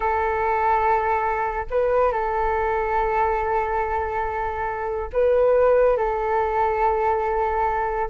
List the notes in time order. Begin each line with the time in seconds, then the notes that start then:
0.00 A4
1.70 B4
2.11 A4
5.13 B4
5.97 A4